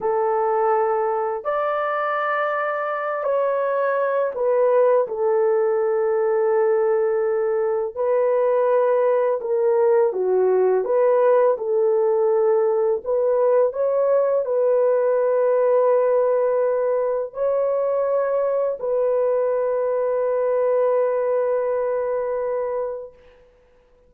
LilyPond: \new Staff \with { instrumentName = "horn" } { \time 4/4 \tempo 4 = 83 a'2 d''2~ | d''8 cis''4. b'4 a'4~ | a'2. b'4~ | b'4 ais'4 fis'4 b'4 |
a'2 b'4 cis''4 | b'1 | cis''2 b'2~ | b'1 | }